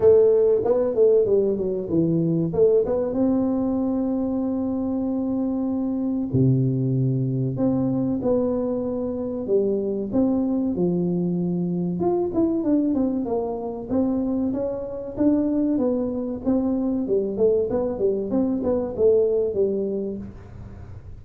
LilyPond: \new Staff \with { instrumentName = "tuba" } { \time 4/4 \tempo 4 = 95 a4 b8 a8 g8 fis8 e4 | a8 b8 c'2.~ | c'2 c2 | c'4 b2 g4 |
c'4 f2 f'8 e'8 | d'8 c'8 ais4 c'4 cis'4 | d'4 b4 c'4 g8 a8 | b8 g8 c'8 b8 a4 g4 | }